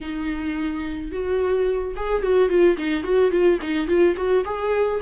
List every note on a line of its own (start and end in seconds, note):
0.00 1.11 D#4
1.11 1.94 F#4
1.96 2.22 G#4
2.22 2.49 F#4
2.49 2.77 F4
2.77 3.03 D#4
3.03 3.31 F#4
3.31 3.59 F4
3.61 3.87 D#4
3.87 4.15 F4
4.16 4.44 F#4
4.44 5.00 G#4